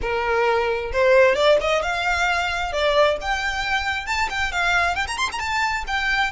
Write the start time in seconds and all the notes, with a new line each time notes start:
0.01 A#4
0.92 C5
1.35 D5
1.60 D#5
1.82 F5
2.72 D5
3.21 G5
4.06 A5
4.29 G5
4.52 F5
4.95 G5
5.07 A#5
5.17 C6
5.32 A#5
5.39 A5
5.87 G5